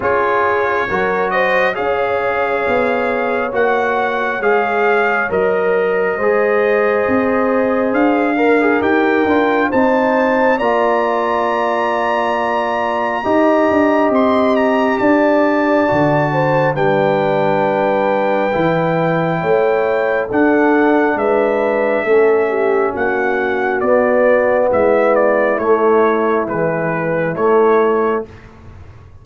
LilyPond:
<<
  \new Staff \with { instrumentName = "trumpet" } { \time 4/4 \tempo 4 = 68 cis''4. dis''8 f''2 | fis''4 f''4 dis''2~ | dis''4 f''4 g''4 a''4 | ais''1 |
c'''8 ais''8 a''2 g''4~ | g''2. fis''4 | e''2 fis''4 d''4 | e''8 d''8 cis''4 b'4 cis''4 | }
  \new Staff \with { instrumentName = "horn" } { \time 4/4 gis'4 ais'8 c''8 cis''2~ | cis''2. c''4~ | c''4. ais'4. c''4 | d''2. dis''4~ |
dis''4 d''4. c''8 b'4~ | b'2 cis''4 a'4 | b'4 a'8 g'8 fis'2 | e'1 | }
  \new Staff \with { instrumentName = "trombone" } { \time 4/4 f'4 fis'4 gis'2 | fis'4 gis'4 ais'4 gis'4~ | gis'4. ais'16 gis'16 g'8 f'8 dis'4 | f'2. g'4~ |
g'2 fis'4 d'4~ | d'4 e'2 d'4~ | d'4 cis'2 b4~ | b4 a4 e4 a4 | }
  \new Staff \with { instrumentName = "tuba" } { \time 4/4 cis'4 fis4 cis'4 b4 | ais4 gis4 fis4 gis4 | c'4 d'4 dis'8 d'8 c'4 | ais2. dis'8 d'8 |
c'4 d'4 d4 g4~ | g4 e4 a4 d'4 | gis4 a4 ais4 b4 | gis4 a4 gis4 a4 | }
>>